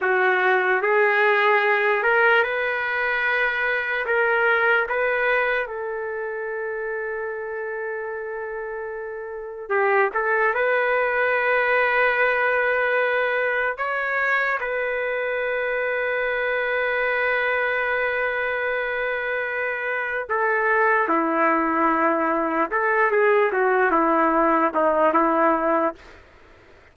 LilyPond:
\new Staff \with { instrumentName = "trumpet" } { \time 4/4 \tempo 4 = 74 fis'4 gis'4. ais'8 b'4~ | b'4 ais'4 b'4 a'4~ | a'1 | g'8 a'8 b'2.~ |
b'4 cis''4 b'2~ | b'1~ | b'4 a'4 e'2 | a'8 gis'8 fis'8 e'4 dis'8 e'4 | }